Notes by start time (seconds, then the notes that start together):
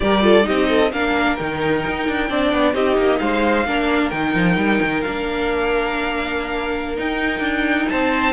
0.00 G3 G4 A#4 D5
0.21 F4 A4
0.41 D#4 G4 D#5
0.49 C4
0.69 A4
0.92 A#3 D4 A#4 F5
1.36 D#3 D#4 G5
1.87 D#4
2.08 D4
2.29 C4 D4 D5
2.52 B3
2.74 C4 D#4 G4 D#5
2.97 A#3
3.19 G#3 C5 F5
3.65 A#3 D4 A#4
4.10 D#3 D#4 G5
4.34 F3
4.56 G3
4.82 D#3
5.01 A#3 D4 F5
6.96 D#4 G5
7.39 D4
7.89 C4 C5 A5